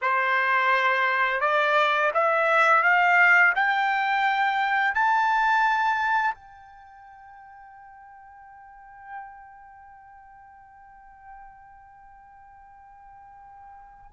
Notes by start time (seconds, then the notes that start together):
0.01 C5
1.40 D5
2.14 E5
2.83 F5
3.55 G5
4.94 A5
6.34 G5